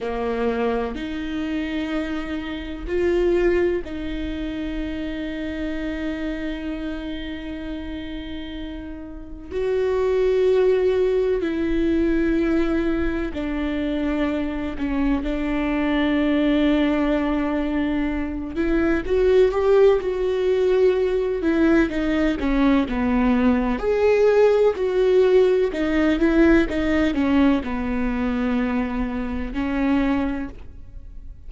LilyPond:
\new Staff \with { instrumentName = "viola" } { \time 4/4 \tempo 4 = 63 ais4 dis'2 f'4 | dis'1~ | dis'2 fis'2 | e'2 d'4. cis'8 |
d'2.~ d'8 e'8 | fis'8 g'8 fis'4. e'8 dis'8 cis'8 | b4 gis'4 fis'4 dis'8 e'8 | dis'8 cis'8 b2 cis'4 | }